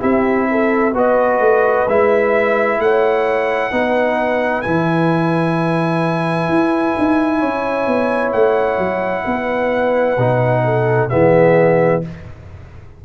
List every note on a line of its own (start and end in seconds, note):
0.00 0.95 C4
0.00 0.92 E4
0.00 0.47 G4
0.00 0.94 E5
0.51 0.95 A4
0.95 1.40 B3
0.95 1.87 F#4
0.95 2.79 B4
0.95 1.89 D#5
1.40 1.86 A3
1.88 2.79 G#3
1.88 3.71 E4
1.88 2.81 E5
2.79 3.71 A3
2.79 3.72 C#5
2.79 4.62 F#5
3.71 4.64 B3
3.71 4.64 D#4
3.71 7.39 B4
4.62 6.49 E3
4.62 10.18 E4
4.62 8.31 G#5
6.49 6.95 E4
6.98 7.43 D#4
7.39 7.87 C#4
7.39 9.24 C#5
7.87 8.33 B3
8.33 8.78 A3
8.33 11.10 F#5
8.78 9.24 F#3
9.25 10.17 B3
9.25 10.63 B4
10.17 11.10 B2
10.17 11.10 D#4
10.65 11.11 A4
11.10 12.05 E3
11.10 12.02 B3
11.10 12.03 G#4
11.10 12.02 E5